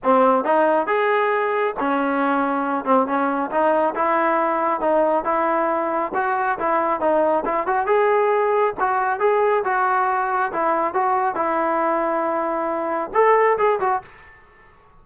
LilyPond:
\new Staff \with { instrumentName = "trombone" } { \time 4/4 \tempo 4 = 137 c'4 dis'4 gis'2 | cis'2~ cis'8 c'8 cis'4 | dis'4 e'2 dis'4 | e'2 fis'4 e'4 |
dis'4 e'8 fis'8 gis'2 | fis'4 gis'4 fis'2 | e'4 fis'4 e'2~ | e'2 a'4 gis'8 fis'8 | }